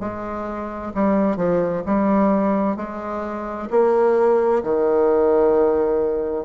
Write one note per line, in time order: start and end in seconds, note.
0.00 0.92 G#3
0.94 1.36 G3
1.36 1.83 F3
1.86 2.76 G3
2.76 3.68 G#3
3.70 4.63 A#3
4.63 6.45 D#3